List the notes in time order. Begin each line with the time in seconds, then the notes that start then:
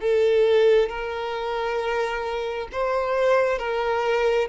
0.00 A4
0.89 A#4
2.72 C5
3.59 A#4